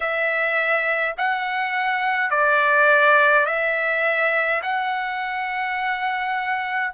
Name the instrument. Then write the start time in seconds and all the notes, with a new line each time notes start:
trumpet
0.00 E5
1.17 F#5
2.30 D5
3.46 E5
4.62 F#5